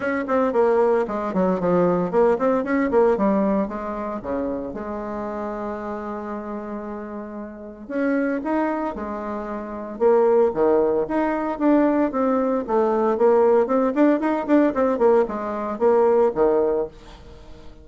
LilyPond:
\new Staff \with { instrumentName = "bassoon" } { \time 4/4 \tempo 4 = 114 cis'8 c'8 ais4 gis8 fis8 f4 | ais8 c'8 cis'8 ais8 g4 gis4 | cis4 gis2.~ | gis2. cis'4 |
dis'4 gis2 ais4 | dis4 dis'4 d'4 c'4 | a4 ais4 c'8 d'8 dis'8 d'8 | c'8 ais8 gis4 ais4 dis4 | }